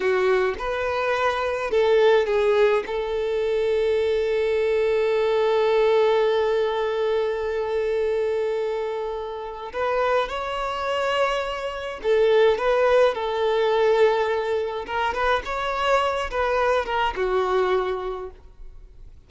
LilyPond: \new Staff \with { instrumentName = "violin" } { \time 4/4 \tempo 4 = 105 fis'4 b'2 a'4 | gis'4 a'2.~ | a'1~ | a'1~ |
a'4 b'4 cis''2~ | cis''4 a'4 b'4 a'4~ | a'2 ais'8 b'8 cis''4~ | cis''8 b'4 ais'8 fis'2 | }